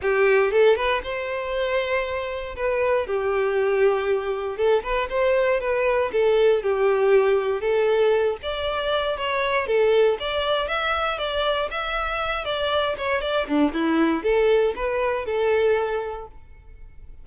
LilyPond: \new Staff \with { instrumentName = "violin" } { \time 4/4 \tempo 4 = 118 g'4 a'8 b'8 c''2~ | c''4 b'4 g'2~ | g'4 a'8 b'8 c''4 b'4 | a'4 g'2 a'4~ |
a'8 d''4. cis''4 a'4 | d''4 e''4 d''4 e''4~ | e''8 d''4 cis''8 d''8 d'8 e'4 | a'4 b'4 a'2 | }